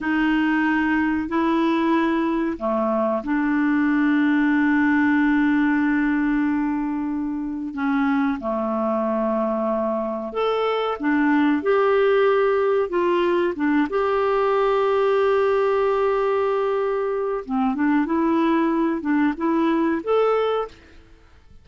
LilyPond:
\new Staff \with { instrumentName = "clarinet" } { \time 4/4 \tempo 4 = 93 dis'2 e'2 | a4 d'2.~ | d'1 | cis'4 a2. |
a'4 d'4 g'2 | f'4 d'8 g'2~ g'8~ | g'2. c'8 d'8 | e'4. d'8 e'4 a'4 | }